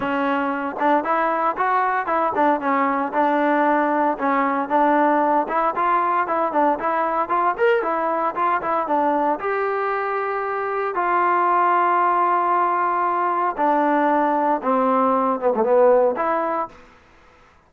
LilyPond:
\new Staff \with { instrumentName = "trombone" } { \time 4/4 \tempo 4 = 115 cis'4. d'8 e'4 fis'4 | e'8 d'8 cis'4 d'2 | cis'4 d'4. e'8 f'4 | e'8 d'8 e'4 f'8 ais'8 e'4 |
f'8 e'8 d'4 g'2~ | g'4 f'2.~ | f'2 d'2 | c'4. b16 a16 b4 e'4 | }